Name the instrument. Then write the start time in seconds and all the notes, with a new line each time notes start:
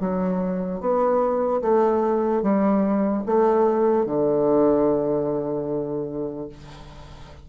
bassoon
0.00 F#3
0.80 B3
1.62 A3
2.42 G3
3.26 A3
4.06 D3